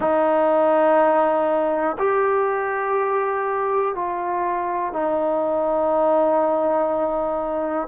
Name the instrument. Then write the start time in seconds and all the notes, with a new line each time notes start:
trombone
0.00 D#4
1.98 G4
3.94 F4
4.92 D#4